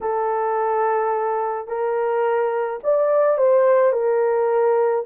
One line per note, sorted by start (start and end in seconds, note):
0.00 1.67 A4
1.67 2.79 A#4
2.83 3.37 D5
3.37 3.92 C5
3.92 5.04 A#4